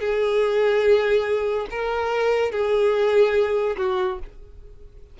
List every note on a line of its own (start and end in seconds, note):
0.00 1.67 G#4
1.70 2.52 A#4
2.52 3.77 G#4
3.77 4.19 F#4